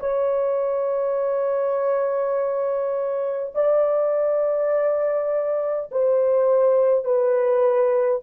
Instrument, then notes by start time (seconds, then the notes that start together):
horn
0.00 C#5
3.55 D5
5.91 C5
7.05 B4